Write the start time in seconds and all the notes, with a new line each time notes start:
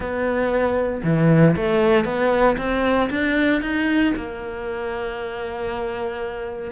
0.00 B3
1.03 E3
1.56 A3
2.05 B3
2.57 C4
3.10 D4
3.61 D#4
4.15 A#3